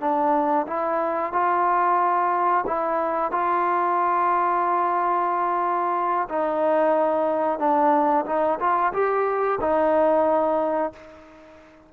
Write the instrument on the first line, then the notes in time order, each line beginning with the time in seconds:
trombone
0.00 D4
0.67 E4
1.32 F4
2.66 E4
3.31 F4
6.29 D#4
7.59 D4
8.26 D#4
8.60 F4
8.93 G4
9.61 D#4